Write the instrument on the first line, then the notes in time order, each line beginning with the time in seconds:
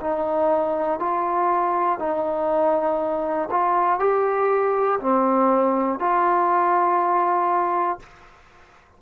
trombone
0.00 D#4
0.99 F4
1.99 D#4
3.50 F4
3.99 G4
5.00 C4
5.99 F4